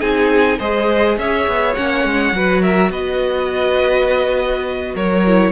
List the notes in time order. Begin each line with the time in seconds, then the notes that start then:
0.00 C4 D#4 G#4 G#5
0.59 G#3 G#4 C5 D#5
1.18 C#4 C#5 E5
1.48 B3
1.75 A#3 C#4 F#5
2.04 G#3
2.33 F#3 F#4 B4
2.62 A#4 E5
2.91 B3 B4 D#5
4.95 F#3 A#4 C#5
5.27 E4